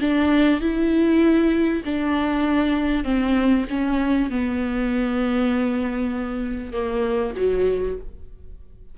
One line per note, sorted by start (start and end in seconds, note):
0.00 0.60 D4
0.60 1.83 E4
1.85 3.04 D4
3.04 3.65 C4
3.69 4.30 C#4
4.30 6.72 B3
6.72 7.34 A#3
7.36 7.98 F#3